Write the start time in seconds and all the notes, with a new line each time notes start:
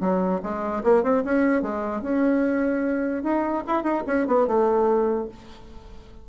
0.00 F#3
0.43 G#3
0.83 A#3
1.03 C4
1.24 C#4
1.62 G#3
2.02 C#4
3.23 D#4
3.67 E4
3.83 D#4
4.07 C#4
4.27 B3
4.47 A3